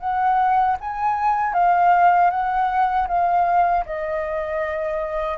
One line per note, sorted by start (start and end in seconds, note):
0.00 0.77 F#5
0.81 1.53 G#5
1.53 2.30 F5
2.30 3.07 F#5
3.08 3.85 F5
3.86 5.38 D#5